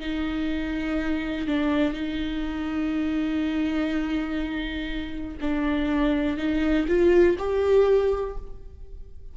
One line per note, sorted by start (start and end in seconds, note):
0.00 1.48 D#4
1.48 1.93 D4
1.93 5.37 D#4
5.41 6.38 D4
6.38 6.87 D#4
6.88 7.37 F4
7.39 8.37 G4